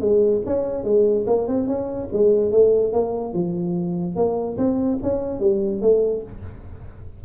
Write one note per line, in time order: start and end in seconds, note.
0.00 0.41 G#3
0.46 0.84 C#4
0.84 1.25 G#3
1.27 1.47 A#3
1.47 1.67 C4
1.67 2.09 C#4
2.12 2.51 G#3
2.51 2.92 A3
2.92 3.33 A#3
3.33 4.15 F3
4.15 4.57 A#3
4.57 4.99 C4
5.02 5.40 C#4
5.40 5.81 G3
5.81 6.22 A3